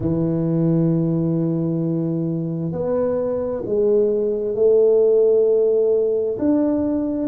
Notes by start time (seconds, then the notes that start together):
0.00 E3
2.71 B3
3.65 G#3
4.55 A3
6.38 D4